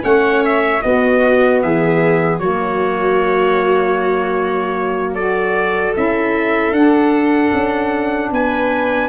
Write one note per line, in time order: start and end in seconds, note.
0.00 0.83 A3
0.00 0.79 C#4
0.00 0.82 C#5
0.00 0.43 F#5
0.45 0.82 E5
0.81 2.39 B3
0.81 1.63 B3
0.81 1.63 F#4
0.81 1.61 D#5
1.62 2.39 E3
1.62 2.39 G#4
1.62 2.39 E5
2.39 5.95 F#3
2.39 5.17 A#3
2.39 5.14 F#4
2.39 5.14 C#5
5.14 5.94 F#4
5.14 8.30 A4
5.14 5.93 D5
5.94 6.71 C#4
5.94 6.73 E4
5.94 6.73 E5
6.71 7.50 D4
6.71 9.08 D4
6.71 8.31 F#5
7.53 8.31 C#4
8.31 9.08 B3
8.31 9.08 B4
8.31 9.08 G#5